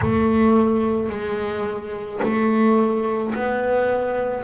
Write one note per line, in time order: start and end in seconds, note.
0.01 1.09 A3
1.09 2.20 G#3
2.22 3.33 A3
3.34 4.43 B3